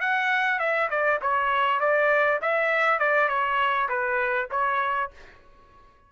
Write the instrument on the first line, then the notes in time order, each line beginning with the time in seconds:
trumpet
0.00 F#5
0.59 E5
0.89 D5
1.21 C#5
1.80 D5
2.41 E5
2.99 D5
3.28 C#5
3.88 B4
4.50 C#5